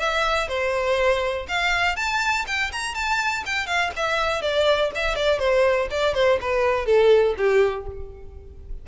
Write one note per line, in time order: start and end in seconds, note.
0.00 0.49 E5
0.49 1.47 C5
1.48 1.97 F5
1.97 2.46 A5
2.47 2.72 G5
2.73 2.95 A#5
2.95 3.44 A5
3.46 3.67 G5
3.67 3.92 F5
3.97 4.42 E5
4.42 4.91 D5
4.96 5.16 E5
5.16 5.39 D5
5.39 5.89 C5
5.91 6.15 D5
6.15 6.39 C5
6.41 6.86 B4
6.86 7.35 A4
7.38 7.87 G4